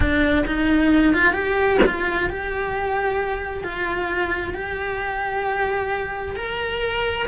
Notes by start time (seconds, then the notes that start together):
0.00 D4
0.46 D#4
1.13 F4
1.33 G4
1.86 F4
2.29 G4
3.63 F4
4.54 G4
6.36 A#4